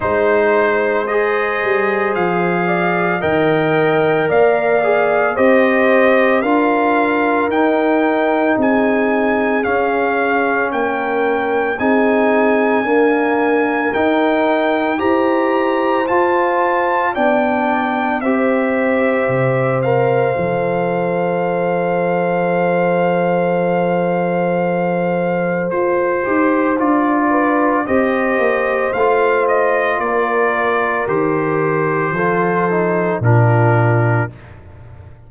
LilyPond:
<<
  \new Staff \with { instrumentName = "trumpet" } { \time 4/4 \tempo 4 = 56 c''4 dis''4 f''4 g''4 | f''4 dis''4 f''4 g''4 | gis''4 f''4 g''4 gis''4~ | gis''4 g''4 ais''4 a''4 |
g''4 e''4. f''4.~ | f''1 | c''4 d''4 dis''4 f''8 dis''8 | d''4 c''2 ais'4 | }
  \new Staff \with { instrumentName = "horn" } { \time 4/4 c''2~ c''8 d''8 dis''4 | d''4 c''4 ais'2 | gis'2 ais'4 gis'4 | ais'2 c''2 |
d''4 c''2.~ | c''1~ | c''4. b'8 c''2 | ais'2 a'4 f'4 | }
  \new Staff \with { instrumentName = "trombone" } { \time 4/4 dis'4 gis'2 ais'4~ | ais'8 gis'8 g'4 f'4 dis'4~ | dis'4 cis'2 dis'4 | ais4 dis'4 g'4 f'4 |
d'4 g'4. ais'8 a'4~ | a'1~ | a'8 g'8 f'4 g'4 f'4~ | f'4 g'4 f'8 dis'8 d'4 | }
  \new Staff \with { instrumentName = "tuba" } { \time 4/4 gis4. g8 f4 dis4 | ais4 c'4 d'4 dis'4 | c'4 cis'4 ais4 c'4 | d'4 dis'4 e'4 f'4 |
b4 c'4 c4 f4~ | f1 | f'8 dis'8 d'4 c'8 ais8 a4 | ais4 dis4 f4 ais,4 | }
>>